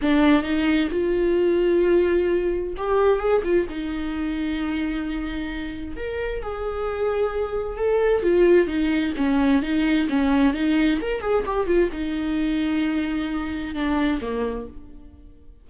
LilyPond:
\new Staff \with { instrumentName = "viola" } { \time 4/4 \tempo 4 = 131 d'4 dis'4 f'2~ | f'2 g'4 gis'8 f'8 | dis'1~ | dis'4 ais'4 gis'2~ |
gis'4 a'4 f'4 dis'4 | cis'4 dis'4 cis'4 dis'4 | ais'8 gis'8 g'8 f'8 dis'2~ | dis'2 d'4 ais4 | }